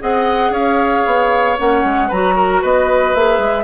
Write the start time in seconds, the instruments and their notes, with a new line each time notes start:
0.00 bassoon C4, clarinet G#4, oboe D#5, flute F#5
0.50 bassoon C#4, oboe C#5, flute F5
1.06 bassoon B3
1.58 bassoon A#3, clarinet C#4, flute F#5
1.84 bassoon G#3
2.08 bassoon F#3, clarinet F#4, oboe B4, flute A#5
2.36 oboe A#4
2.62 bassoon B3, oboe B4, flute D#5
3.15 bassoon A#3, clarinet G#4, flute E5
3.38 bassoon G#3